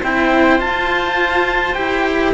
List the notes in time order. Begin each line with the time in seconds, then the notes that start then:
0.00 C4 E4 C5 G5
0.58 F4 A5
1.74 E4 G4 G5